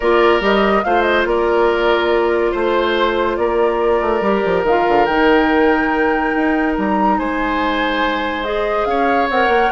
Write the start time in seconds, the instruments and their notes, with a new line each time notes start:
0.00 bassoon A#3, clarinet F4, oboe A#4, flute D5
0.40 bassoon G3, clarinet G4, flute D#5
0.83 bassoon A3, clarinet F4, oboe C5, flute F5
1.02 flute D#5
1.25 bassoon A#3, oboe A#4, flute D5
2.51 bassoon A3, oboe C5, flute C5
3.36 bassoon A#3, oboe A#4, flute D5
4.00 bassoon A3
4.21 bassoon G3, clarinet G4
4.45 bassoon F3
4.63 bassoon D#3, clarinet F4, flute F5
4.87 bassoon D3
5.05 bassoon D#3, clarinet D#4, flute G5
6.35 bassoon D#4
6.77 bassoon G3, flute A#5
7.18 bassoon G#3, oboe C5, flute G#5
8.43 clarinet G#4, flute D#5
8.85 bassoon C#4, oboe C#5, flute F5
9.30 bassoon C4, clarinet A#4, flute F#5
9.48 bassoon A#3